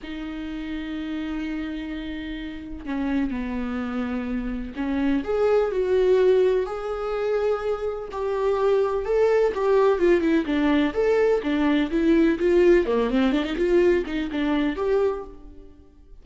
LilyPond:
\new Staff \with { instrumentName = "viola" } { \time 4/4 \tempo 4 = 126 dis'1~ | dis'2 cis'4 b4~ | b2 cis'4 gis'4 | fis'2 gis'2~ |
gis'4 g'2 a'4 | g'4 f'8 e'8 d'4 a'4 | d'4 e'4 f'4 ais8 c'8 | d'16 dis'16 f'4 dis'8 d'4 g'4 | }